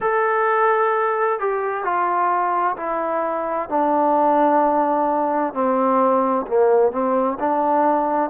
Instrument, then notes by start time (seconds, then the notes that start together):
trombone
0.00 A4
1.39 G4
1.83 F4
2.77 E4
3.69 D4
5.53 C4
6.47 A#3
6.91 C4
7.39 D4